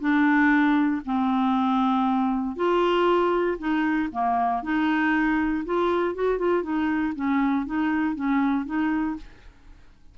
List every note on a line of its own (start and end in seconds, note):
0.00 1.02 D4
1.05 2.56 C4
2.56 3.58 F4
3.58 4.09 D#4
4.12 4.63 A#3
4.63 5.65 D#4
5.65 6.15 F4
6.15 6.38 F#4
6.38 6.63 F4
6.63 7.14 D#4
7.15 7.66 C#4
7.66 8.15 D#4
8.15 8.66 C#4
8.66 9.16 D#4